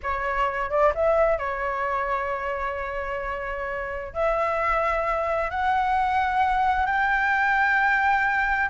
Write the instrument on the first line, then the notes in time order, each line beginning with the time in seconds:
flute
0.02 C#5
0.70 D5
0.95 E5
1.38 C#5
4.13 E5
5.50 F#5
6.86 G5